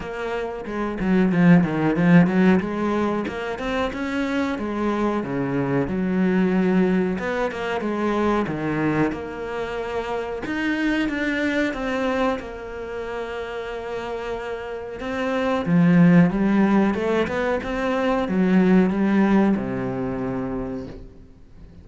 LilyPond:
\new Staff \with { instrumentName = "cello" } { \time 4/4 \tempo 4 = 92 ais4 gis8 fis8 f8 dis8 f8 fis8 | gis4 ais8 c'8 cis'4 gis4 | cis4 fis2 b8 ais8 | gis4 dis4 ais2 |
dis'4 d'4 c'4 ais4~ | ais2. c'4 | f4 g4 a8 b8 c'4 | fis4 g4 c2 | }